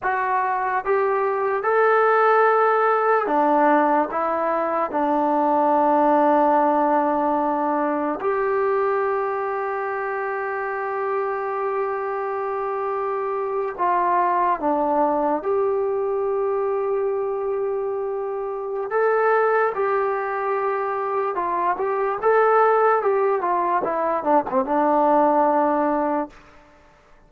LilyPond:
\new Staff \with { instrumentName = "trombone" } { \time 4/4 \tempo 4 = 73 fis'4 g'4 a'2 | d'4 e'4 d'2~ | d'2 g'2~ | g'1~ |
g'8. f'4 d'4 g'4~ g'16~ | g'2. a'4 | g'2 f'8 g'8 a'4 | g'8 f'8 e'8 d'16 c'16 d'2 | }